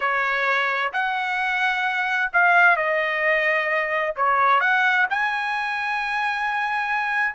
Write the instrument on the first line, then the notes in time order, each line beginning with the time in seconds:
trumpet
0.00 C#5
0.92 F#5
2.32 F5
2.76 D#5
4.15 C#5
4.60 F#5
5.10 G#5